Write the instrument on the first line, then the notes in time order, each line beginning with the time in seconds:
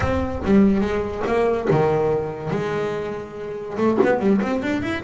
double bass
0.00 C4
0.45 G3
0.80 G#3
1.26 A#3
1.70 D#3
2.50 G#3
3.77 A3
4.03 B3
4.19 G3
4.41 C4
4.62 D4
4.82 E4